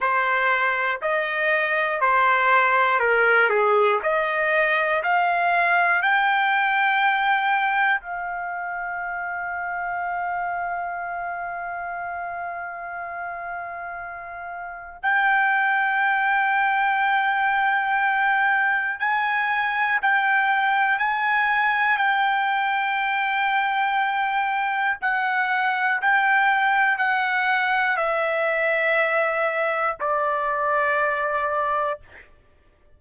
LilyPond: \new Staff \with { instrumentName = "trumpet" } { \time 4/4 \tempo 4 = 60 c''4 dis''4 c''4 ais'8 gis'8 | dis''4 f''4 g''2 | f''1~ | f''2. g''4~ |
g''2. gis''4 | g''4 gis''4 g''2~ | g''4 fis''4 g''4 fis''4 | e''2 d''2 | }